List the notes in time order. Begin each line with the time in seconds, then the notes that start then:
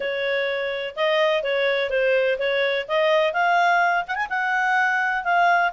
0.00 C#5
0.96 D#5
1.43 C#5
1.90 C5
2.39 C#5
2.88 D#5
3.33 F5
4.07 F#5
4.15 G#5
4.29 F#5
5.24 F5